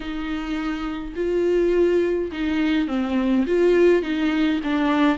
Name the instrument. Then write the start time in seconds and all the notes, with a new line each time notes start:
viola
0.00 D#4
1.15 F4
2.32 D#4
2.87 C4
3.46 F4
4.02 D#4
4.63 D4